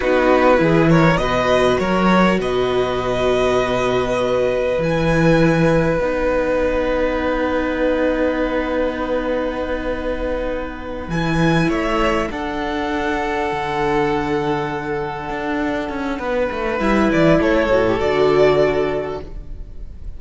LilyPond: <<
  \new Staff \with { instrumentName = "violin" } { \time 4/4 \tempo 4 = 100 b'4. cis''8 dis''4 cis''4 | dis''1 | gis''2 fis''2~ | fis''1~ |
fis''2~ fis''8 gis''4 e''8~ | e''8 fis''2.~ fis''8~ | fis''1 | e''8 d''8 cis''4 d''2 | }
  \new Staff \with { instrumentName = "violin" } { \time 4/4 fis'4 gis'8 ais'8 b'4 ais'4 | b'1~ | b'1~ | b'1~ |
b'2.~ b'8 cis''8~ | cis''8 a'2.~ a'8~ | a'2. b'4~ | b'4 a'2. | }
  \new Staff \with { instrumentName = "viola" } { \time 4/4 dis'4 e'4 fis'2~ | fis'1 | e'2 dis'2~ | dis'1~ |
dis'2~ dis'8 e'4.~ | e'8 d'2.~ d'8~ | d'1 | e'4. fis'16 g'16 fis'2 | }
  \new Staff \with { instrumentName = "cello" } { \time 4/4 b4 e4 b,4 fis4 | b,1 | e2 b2~ | b1~ |
b2~ b8 e4 a8~ | a8 d'2 d4.~ | d4. d'4 cis'8 b8 a8 | g8 e8 a8 a,8 d2 | }
>>